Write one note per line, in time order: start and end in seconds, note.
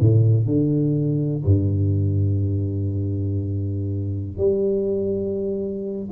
0.00 0.46 A2
0.46 1.44 D3
1.45 4.37 G2
4.37 6.10 G3